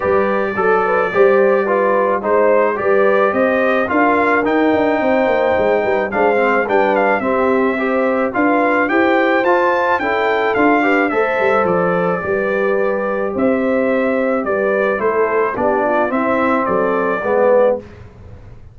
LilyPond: <<
  \new Staff \with { instrumentName = "trumpet" } { \time 4/4 \tempo 4 = 108 d''1 | c''4 d''4 dis''4 f''4 | g''2. f''4 | g''8 f''8 e''2 f''4 |
g''4 a''4 g''4 f''4 | e''4 d''2. | e''2 d''4 c''4 | d''4 e''4 d''2 | }
  \new Staff \with { instrumentName = "horn" } { \time 4/4 b'4 a'8 b'8 c''4 b'4 | c''4 b'4 c''4 ais'4~ | ais'4 c''4. b'8 c''4 | b'4 g'4 c''4 b'4 |
c''2 a'4. b'8 | c''2 b'2 | c''2 b'4 a'4 | g'8 f'8 e'4 a'4 b'4 | }
  \new Staff \with { instrumentName = "trombone" } { \time 4/4 g'4 a'4 g'4 f'4 | dis'4 g'2 f'4 | dis'2. d'8 c'8 | d'4 c'4 g'4 f'4 |
g'4 f'4 e'4 f'8 g'8 | a'2 g'2~ | g'2. e'4 | d'4 c'2 b4 | }
  \new Staff \with { instrumentName = "tuba" } { \time 4/4 g4 fis4 g2 | gis4 g4 c'4 d'4 | dis'8 d'8 c'8 ais8 gis8 g8 gis4 | g4 c'2 d'4 |
e'4 f'4 cis'4 d'4 | a8 g8 f4 g2 | c'2 g4 a4 | b4 c'4 fis4 gis4 | }
>>